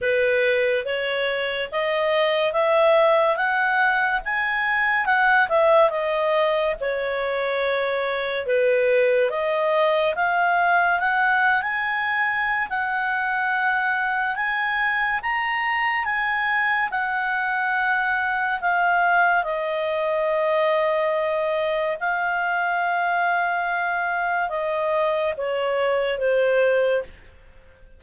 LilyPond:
\new Staff \with { instrumentName = "clarinet" } { \time 4/4 \tempo 4 = 71 b'4 cis''4 dis''4 e''4 | fis''4 gis''4 fis''8 e''8 dis''4 | cis''2 b'4 dis''4 | f''4 fis''8. gis''4~ gis''16 fis''4~ |
fis''4 gis''4 ais''4 gis''4 | fis''2 f''4 dis''4~ | dis''2 f''2~ | f''4 dis''4 cis''4 c''4 | }